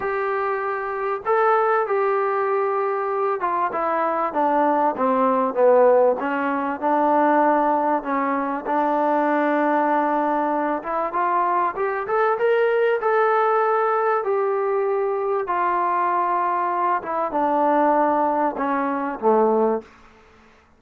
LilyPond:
\new Staff \with { instrumentName = "trombone" } { \time 4/4 \tempo 4 = 97 g'2 a'4 g'4~ | g'4. f'8 e'4 d'4 | c'4 b4 cis'4 d'4~ | d'4 cis'4 d'2~ |
d'4. e'8 f'4 g'8 a'8 | ais'4 a'2 g'4~ | g'4 f'2~ f'8 e'8 | d'2 cis'4 a4 | }